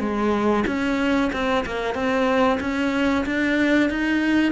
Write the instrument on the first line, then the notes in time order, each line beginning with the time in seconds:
cello
0.00 G#3
0.67 C#4
1.33 C4
1.66 A#3
1.95 C4
2.60 C#4
3.26 D4
3.90 D#4